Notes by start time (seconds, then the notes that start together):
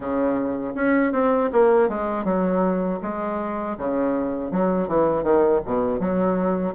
0.00 C#3
0.75 C#4
1.12 C4
1.52 A#3
1.89 G#3
2.24 F#3
3.01 G#3
3.77 C#3
4.51 F#3
4.88 E3
5.23 D#3
5.65 B2
5.99 F#3